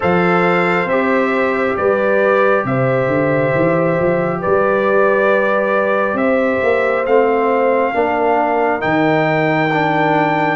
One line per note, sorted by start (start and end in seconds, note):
0.00 0.85 F3
0.00 0.87 A4
0.00 1.76 C5
0.00 0.88 F5
0.85 1.73 C4
0.85 7.06 G4
0.85 1.76 E5
1.76 2.64 G3
1.76 2.65 B4
1.76 2.65 D5
2.64 3.07 C3
2.64 4.40 C5
2.64 4.41 E5
3.07 3.51 D3
3.54 3.99 E3
4.00 4.44 F3
4.40 6.13 G3
4.40 6.17 B4
4.40 6.17 D5
6.13 6.57 C4
6.13 7.05 E5
6.20 7.94 C5
6.62 7.05 A#3
7.05 7.93 A3
7.05 7.94 C4
7.05 8.81 F5
7.94 8.83 A#3
7.94 8.80 D4
7.94 10.56 A#4
8.80 10.56 D#3
8.80 9.68 D#4
8.80 10.56 G5
9.72 10.56 D4